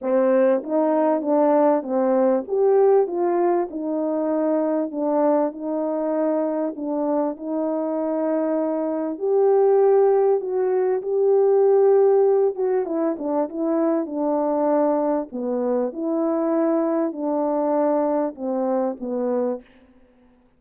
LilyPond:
\new Staff \with { instrumentName = "horn" } { \time 4/4 \tempo 4 = 98 c'4 dis'4 d'4 c'4 | g'4 f'4 dis'2 | d'4 dis'2 d'4 | dis'2. g'4~ |
g'4 fis'4 g'2~ | g'8 fis'8 e'8 d'8 e'4 d'4~ | d'4 b4 e'2 | d'2 c'4 b4 | }